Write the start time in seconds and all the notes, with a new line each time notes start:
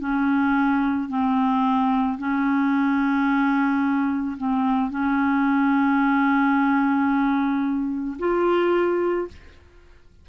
0.00 C#4
1.10 C4
2.19 C#4
4.38 C4
4.91 C#4
8.19 F4